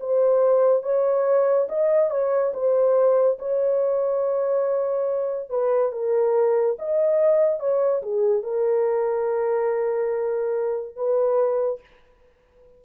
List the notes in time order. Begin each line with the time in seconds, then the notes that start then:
0.00 C5
0.83 C#5
1.69 D#5
2.10 C#5
2.54 C5
3.39 C#5
5.50 B4
5.92 A#4
6.79 D#5
7.60 C#5
8.02 G#4
8.43 A#4
10.96 B4